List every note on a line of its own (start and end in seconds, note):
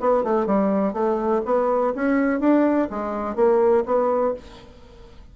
0.00 0.23 B3
0.23 0.46 A3
0.46 0.93 G3
0.93 1.41 A3
1.45 1.93 B3
1.95 2.40 C#4
2.40 2.88 D4
2.89 3.35 G#3
3.35 3.84 A#3
3.85 4.34 B3